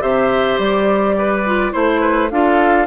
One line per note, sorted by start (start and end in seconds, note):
0.00 0.58 C3
0.00 1.43 G4
0.00 1.16 C5
0.00 0.58 E5
0.58 1.72 G3
0.58 1.72 D5
1.18 1.72 B4
1.45 1.71 F4
1.71 2.30 A3
1.71 2.28 E4
1.71 2.00 C5
1.71 2.29 C5
2.00 2.29 B4
2.30 2.87 D4
2.30 2.87 F4
2.30 2.87 A4
2.30 2.87 F5